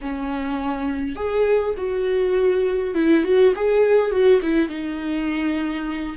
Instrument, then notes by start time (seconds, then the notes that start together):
viola
0.01 C#4
1.15 G#4
1.77 F#4
2.94 E4
3.24 F#4
3.55 G#4
4.11 F#4
4.42 E4
4.68 D#4